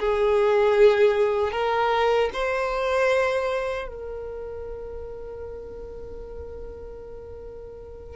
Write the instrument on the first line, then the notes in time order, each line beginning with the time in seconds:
violin
0.00 G#4
1.52 A#4
2.33 C5
3.88 A#4